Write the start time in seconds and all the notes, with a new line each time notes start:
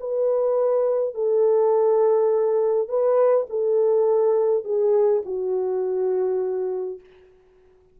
0.00 B4
1.14 A4
2.88 B4
3.50 A4
4.64 G#4
5.25 F#4